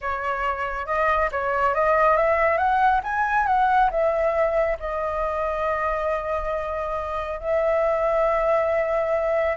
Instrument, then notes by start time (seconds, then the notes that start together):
flute
0.01 C#5
0.86 D#5
1.31 C#5
1.74 D#5
2.16 E5
2.57 F#5
3.03 G#5
3.46 F#5
3.90 E5
4.79 D#5
7.40 E5